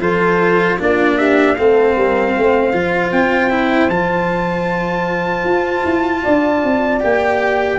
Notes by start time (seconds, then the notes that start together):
0.00 F3 F4 A4 C5
0.79 A#3 D4 F4 D5
1.18 G4 E5
1.55 A3 C4 A4 F5
1.96 G3 A#4
2.37 A3 C5
2.73 F3 F4
3.12 C4 G5
3.51 E4
3.89 F3 F4 A5
5.44 F4
5.85 E4
6.23 D4 D5
6.64 C4
7.01 A#3 G4 G5